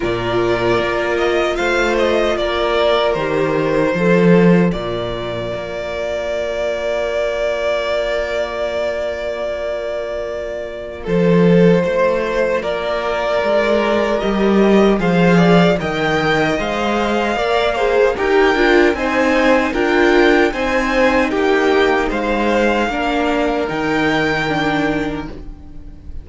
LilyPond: <<
  \new Staff \with { instrumentName = "violin" } { \time 4/4 \tempo 4 = 76 d''4. dis''8 f''8 dis''8 d''4 | c''2 d''2~ | d''1~ | d''2 c''2 |
d''2 dis''4 f''4 | g''4 f''2 g''4 | gis''4 g''4 gis''4 g''4 | f''2 g''2 | }
  \new Staff \with { instrumentName = "violin" } { \time 4/4 ais'2 c''4 ais'4~ | ais'4 a'4 ais'2~ | ais'1~ | ais'2 a'4 c''4 |
ais'2. c''8 d''8 | dis''2 d''8 c''8 ais'4 | c''4 ais'4 c''4 g'4 | c''4 ais'2. | }
  \new Staff \with { instrumentName = "viola" } { \time 4/4 f'1 | g'4 f'2.~ | f'1~ | f'1~ |
f'2 g'4 gis'4 | ais'4 c''4 ais'8 gis'8 g'8 f'8 | dis'4 f'4 dis'2~ | dis'4 d'4 dis'4 d'4 | }
  \new Staff \with { instrumentName = "cello" } { \time 4/4 ais,4 ais4 a4 ais4 | dis4 f4 ais,4 ais4~ | ais1~ | ais2 f4 a4 |
ais4 gis4 g4 f4 | dis4 gis4 ais4 dis'8 d'8 | c'4 d'4 c'4 ais4 | gis4 ais4 dis2 | }
>>